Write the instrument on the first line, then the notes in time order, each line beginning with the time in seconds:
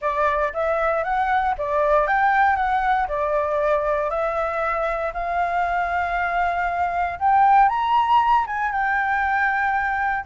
flute
0.01 D5
0.53 E5
1.03 F#5
1.58 D5
2.07 G5
2.55 F#5
3.08 D5
4.10 E5
5.13 F5
7.19 G5
7.68 A#5
8.46 G#5
8.71 G5